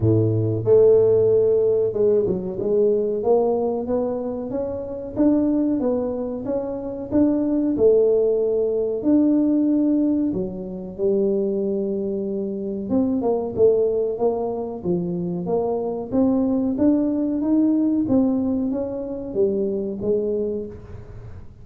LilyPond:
\new Staff \with { instrumentName = "tuba" } { \time 4/4 \tempo 4 = 93 a,4 a2 gis8 fis8 | gis4 ais4 b4 cis'4 | d'4 b4 cis'4 d'4 | a2 d'2 |
fis4 g2. | c'8 ais8 a4 ais4 f4 | ais4 c'4 d'4 dis'4 | c'4 cis'4 g4 gis4 | }